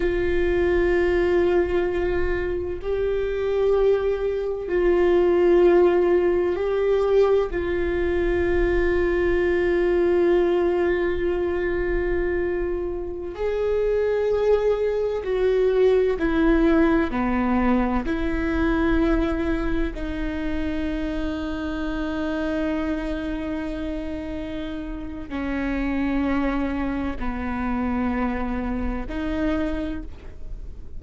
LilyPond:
\new Staff \with { instrumentName = "viola" } { \time 4/4 \tempo 4 = 64 f'2. g'4~ | g'4 f'2 g'4 | f'1~ | f'2~ f'16 gis'4.~ gis'16~ |
gis'16 fis'4 e'4 b4 e'8.~ | e'4~ e'16 dis'2~ dis'8.~ | dis'2. cis'4~ | cis'4 b2 dis'4 | }